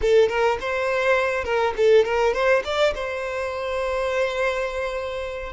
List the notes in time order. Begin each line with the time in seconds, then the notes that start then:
0.01 A4
0.28 A#4
0.60 C5
1.44 A#4
1.76 A4
2.04 A#4
2.33 C5
2.64 D5
2.94 C5